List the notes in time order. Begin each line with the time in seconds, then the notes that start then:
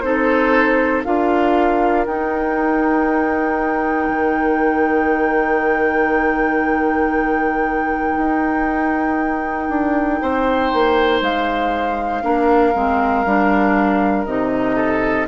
0.00 C4 D#4 A4 C5
1.04 D4 F4 A#4 F5
2.06 D#4 G5
4.08 D#3
8.17 D#4
9.69 D4
10.21 C4 C5
10.73 A#3
11.21 G#3 F5
12.22 A#3 D4 A#4
12.74 G#3 C4
13.25 G3 D4
14.25 C3 D#4 D#5
14.75 A4